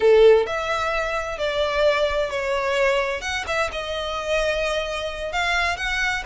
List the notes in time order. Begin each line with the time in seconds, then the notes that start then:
0.00 A4
0.46 E5
1.37 D5
2.30 C#5
3.21 F#5
3.47 E5
3.72 D#5
5.32 F5
5.77 F#5